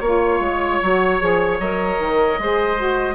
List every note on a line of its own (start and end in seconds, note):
0.00 0.40 A#3
0.00 0.83 F4
0.00 1.58 C#5
0.00 2.40 C#5
0.40 0.80 G#3
0.83 1.22 F#3
0.83 1.21 F#4
1.21 1.60 F3
1.21 1.60 G#4
1.60 1.99 F#3
1.60 2.41 A#4
1.60 3.15 D#5
1.99 2.39 D#3
2.39 3.15 G#3
2.39 2.78 G#4
2.39 3.15 C5
2.78 3.15 F#4